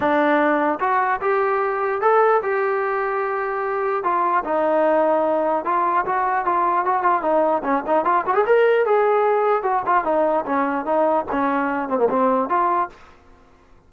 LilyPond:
\new Staff \with { instrumentName = "trombone" } { \time 4/4 \tempo 4 = 149 d'2 fis'4 g'4~ | g'4 a'4 g'2~ | g'2 f'4 dis'4~ | dis'2 f'4 fis'4 |
f'4 fis'8 f'8 dis'4 cis'8 dis'8 | f'8 fis'16 gis'16 ais'4 gis'2 | fis'8 f'8 dis'4 cis'4 dis'4 | cis'4. c'16 ais16 c'4 f'4 | }